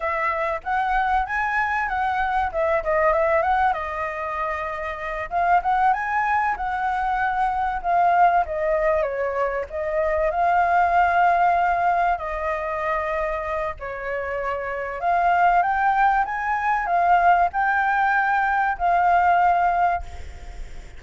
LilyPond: \new Staff \with { instrumentName = "flute" } { \time 4/4 \tempo 4 = 96 e''4 fis''4 gis''4 fis''4 | e''8 dis''8 e''8 fis''8 dis''2~ | dis''8 f''8 fis''8 gis''4 fis''4.~ | fis''8 f''4 dis''4 cis''4 dis''8~ |
dis''8 f''2. dis''8~ | dis''2 cis''2 | f''4 g''4 gis''4 f''4 | g''2 f''2 | }